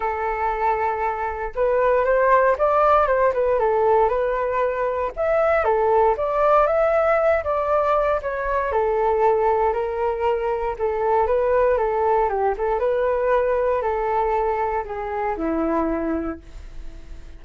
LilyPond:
\new Staff \with { instrumentName = "flute" } { \time 4/4 \tempo 4 = 117 a'2. b'4 | c''4 d''4 c''8 b'8 a'4 | b'2 e''4 a'4 | d''4 e''4. d''4. |
cis''4 a'2 ais'4~ | ais'4 a'4 b'4 a'4 | g'8 a'8 b'2 a'4~ | a'4 gis'4 e'2 | }